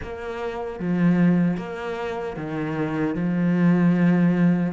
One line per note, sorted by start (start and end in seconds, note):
0.02 0.79 A#3
0.79 1.57 F3
1.57 2.36 A#3
2.36 3.15 D#3
3.15 4.72 F3